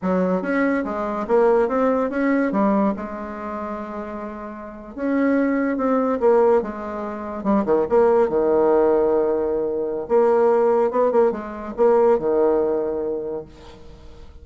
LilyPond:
\new Staff \with { instrumentName = "bassoon" } { \time 4/4 \tempo 4 = 143 fis4 cis'4 gis4 ais4 | c'4 cis'4 g4 gis4~ | gis2.~ gis8. cis'16~ | cis'4.~ cis'16 c'4 ais4 gis16~ |
gis4.~ gis16 g8 dis8 ais4 dis16~ | dis1 | ais2 b8 ais8 gis4 | ais4 dis2. | }